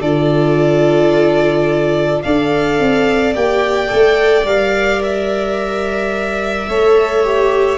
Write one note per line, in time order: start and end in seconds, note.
0.00 2.22 D3
0.00 2.24 F4
0.00 2.22 A4
0.00 2.22 D5
2.22 2.79 D4
2.22 3.34 A4
2.22 6.69 D5
2.22 3.33 F5
2.79 3.34 C4
3.34 3.91 A#3
3.34 3.87 G4
3.34 4.46 G5
3.87 4.44 A3
3.87 4.43 A4
4.44 6.67 G3
4.44 6.68 A#4
4.44 5.02 F5
5.03 7.78 E5
6.68 7.78 A3
6.68 7.24 A4
6.68 7.78 C#5
7.24 7.78 G4